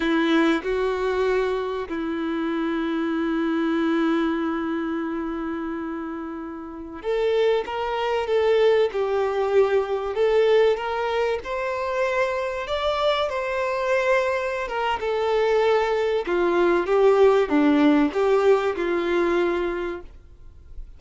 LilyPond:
\new Staff \with { instrumentName = "violin" } { \time 4/4 \tempo 4 = 96 e'4 fis'2 e'4~ | e'1~ | e'2.~ e'16 a'8.~ | a'16 ais'4 a'4 g'4.~ g'16~ |
g'16 a'4 ais'4 c''4.~ c''16~ | c''16 d''4 c''2~ c''16 ais'8 | a'2 f'4 g'4 | d'4 g'4 f'2 | }